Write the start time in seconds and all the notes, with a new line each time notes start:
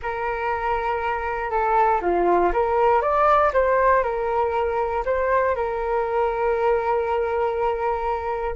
0.02 A#4
1.50 A4
2.01 F4
2.53 A#4
3.01 D5
3.53 C5
4.03 A#4
5.05 C5
5.55 A#4